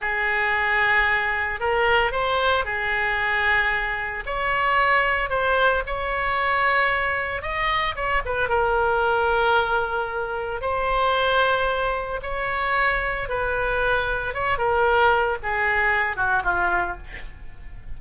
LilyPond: \new Staff \with { instrumentName = "oboe" } { \time 4/4 \tempo 4 = 113 gis'2. ais'4 | c''4 gis'2. | cis''2 c''4 cis''4~ | cis''2 dis''4 cis''8 b'8 |
ais'1 | c''2. cis''4~ | cis''4 b'2 cis''8 ais'8~ | ais'4 gis'4. fis'8 f'4 | }